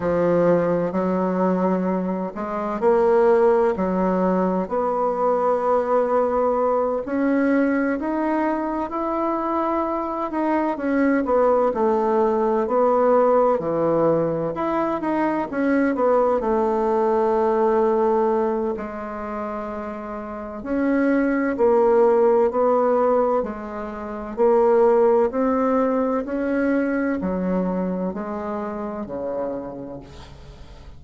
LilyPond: \new Staff \with { instrumentName = "bassoon" } { \time 4/4 \tempo 4 = 64 f4 fis4. gis8 ais4 | fis4 b2~ b8 cis'8~ | cis'8 dis'4 e'4. dis'8 cis'8 | b8 a4 b4 e4 e'8 |
dis'8 cis'8 b8 a2~ a8 | gis2 cis'4 ais4 | b4 gis4 ais4 c'4 | cis'4 fis4 gis4 cis4 | }